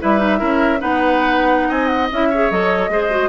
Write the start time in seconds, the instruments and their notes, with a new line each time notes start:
0.00 bassoon G3, clarinet E4, oboe B4, flute E5
0.19 clarinet D#4
0.38 bassoon C#4, clarinet E4, oboe A#4
0.79 bassoon B3, clarinet D#4, oboe B4, flute F#5
1.68 bassoon C4, oboe D#5, flute G#5
1.87 flute F#5
2.12 bassoon C#4, clarinet E4, flute E5
2.30 clarinet G#4, oboe C#5
2.51 bassoon F#3, clarinet A4, flute D#5
2.88 bassoon G#3, clarinet G#4, oboe C5
3.10 clarinet F#4